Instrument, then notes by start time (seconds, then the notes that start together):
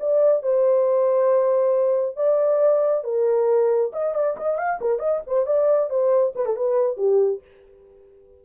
horn
0.00 D5
0.43 C5
2.17 D5
3.04 A#4
3.93 D#5
4.15 D5
4.38 D#5
4.58 F5
4.82 A#4
4.99 D#5
5.27 C5
5.46 D5
5.90 C5
6.36 B4
6.46 A4
6.57 B4
6.97 G4